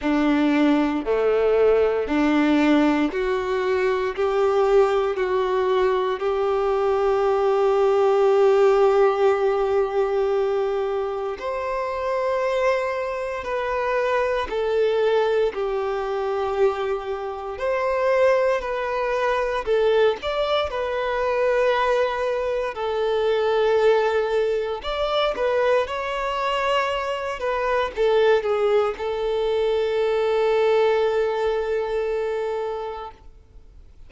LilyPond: \new Staff \with { instrumentName = "violin" } { \time 4/4 \tempo 4 = 58 d'4 a4 d'4 fis'4 | g'4 fis'4 g'2~ | g'2. c''4~ | c''4 b'4 a'4 g'4~ |
g'4 c''4 b'4 a'8 d''8 | b'2 a'2 | d''8 b'8 cis''4. b'8 a'8 gis'8 | a'1 | }